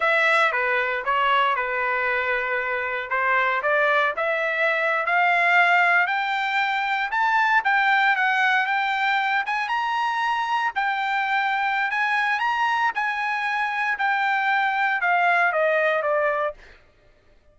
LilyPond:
\new Staff \with { instrumentName = "trumpet" } { \time 4/4 \tempo 4 = 116 e''4 b'4 cis''4 b'4~ | b'2 c''4 d''4 | e''4.~ e''16 f''2 g''16~ | g''4.~ g''16 a''4 g''4 fis''16~ |
fis''8. g''4. gis''8 ais''4~ ais''16~ | ais''8. g''2~ g''16 gis''4 | ais''4 gis''2 g''4~ | g''4 f''4 dis''4 d''4 | }